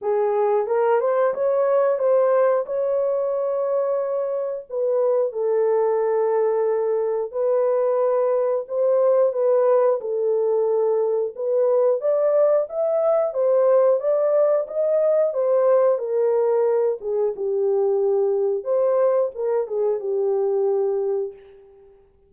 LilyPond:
\new Staff \with { instrumentName = "horn" } { \time 4/4 \tempo 4 = 90 gis'4 ais'8 c''8 cis''4 c''4 | cis''2. b'4 | a'2. b'4~ | b'4 c''4 b'4 a'4~ |
a'4 b'4 d''4 e''4 | c''4 d''4 dis''4 c''4 | ais'4. gis'8 g'2 | c''4 ais'8 gis'8 g'2 | }